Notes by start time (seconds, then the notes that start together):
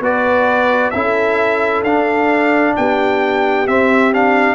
0.00 B3 F#4 B4 D5
0.91 C#4 E4 A4 E5
1.83 D4 F5
2.76 B3 G4 G5
3.67 C4 E5
4.13 D4 F5